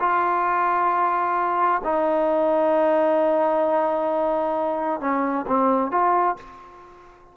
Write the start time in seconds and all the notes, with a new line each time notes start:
0.00 F4
1.84 D#4
5.00 C#4
5.47 C4
5.91 F4